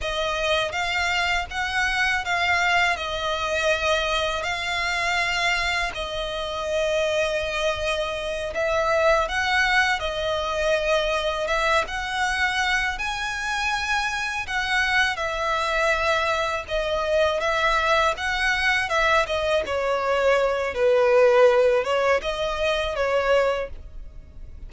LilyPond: \new Staff \with { instrumentName = "violin" } { \time 4/4 \tempo 4 = 81 dis''4 f''4 fis''4 f''4 | dis''2 f''2 | dis''2.~ dis''8 e''8~ | e''8 fis''4 dis''2 e''8 |
fis''4. gis''2 fis''8~ | fis''8 e''2 dis''4 e''8~ | e''8 fis''4 e''8 dis''8 cis''4. | b'4. cis''8 dis''4 cis''4 | }